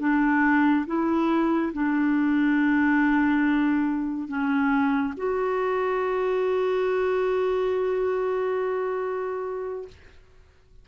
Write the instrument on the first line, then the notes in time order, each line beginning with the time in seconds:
clarinet
0.00 D4
0.87 E4
1.73 D4
4.29 C#4
5.17 F#4